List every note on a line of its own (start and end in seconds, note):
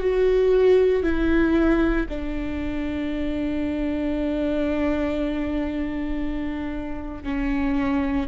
0.00 1.03 F#4
1.03 2.06 E4
2.09 7.23 D4
7.23 8.27 C#4